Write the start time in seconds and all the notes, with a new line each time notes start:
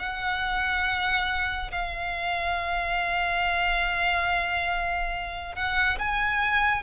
0.00 F#5
1.72 F5
5.56 F#5
5.99 G#5